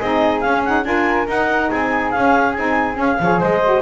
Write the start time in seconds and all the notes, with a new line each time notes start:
0.00 C4 D#4 G#4 D#5
0.41 C#4 F5
0.65 D#4 F#5
0.84 D4 F4 A#4 G#5
1.28 D#4 F#5
1.71 C4 G#4 G#5
2.11 C#4 F5
2.54 C4 D#4 G#5
2.94 C#4
3.01 F5
3.20 F3 G#4 C#5
3.40 G#3 C5 D#5
3.64 F#4